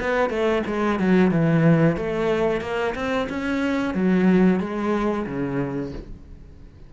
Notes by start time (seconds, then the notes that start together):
0.00 B3
0.29 A3
0.66 G#3
0.99 F#3
1.31 E3
1.97 A3
2.61 A#3
2.95 C4
3.29 C#4
3.94 F#3
4.60 G#3
5.26 C#3